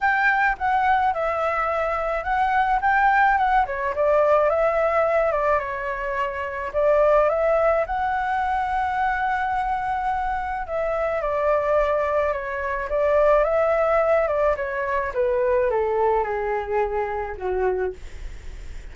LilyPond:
\new Staff \with { instrumentName = "flute" } { \time 4/4 \tempo 4 = 107 g''4 fis''4 e''2 | fis''4 g''4 fis''8 cis''8 d''4 | e''4. d''8 cis''2 | d''4 e''4 fis''2~ |
fis''2. e''4 | d''2 cis''4 d''4 | e''4. d''8 cis''4 b'4 | a'4 gis'2 fis'4 | }